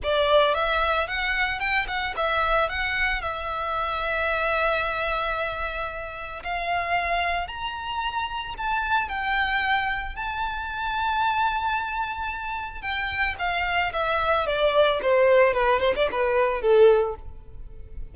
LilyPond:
\new Staff \with { instrumentName = "violin" } { \time 4/4 \tempo 4 = 112 d''4 e''4 fis''4 g''8 fis''8 | e''4 fis''4 e''2~ | e''1 | f''2 ais''2 |
a''4 g''2 a''4~ | a''1 | g''4 f''4 e''4 d''4 | c''4 b'8 c''16 d''16 b'4 a'4 | }